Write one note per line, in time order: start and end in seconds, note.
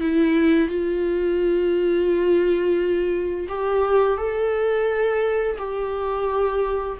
0.00 0.68 E4
0.68 3.47 F4
3.49 4.17 G4
4.17 5.57 A4
5.58 6.97 G4